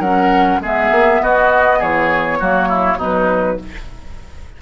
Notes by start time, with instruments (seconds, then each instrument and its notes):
0.00 bassoon F#3, clarinet C#4, oboe A#4, flute F#5
0.60 bassoon G#3, clarinet B3, oboe G#4, flute E5
0.92 bassoon A#3
1.22 bassoon B3, oboe F#4, flute D#5
1.79 bassoon E3, oboe G#4, flute C#5
2.40 bassoon F#3, clarinet A#3, oboe F#4
2.69 oboe E4
2.97 bassoon B2, clarinet F#3, oboe D#4, flute B4